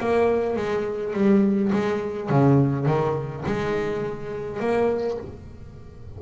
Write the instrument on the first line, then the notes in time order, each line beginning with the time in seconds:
double bass
0.00 A#3
0.56 G#3
1.14 G3
1.73 G#3
2.29 C#3
2.86 D#3
3.46 G#3
4.60 A#3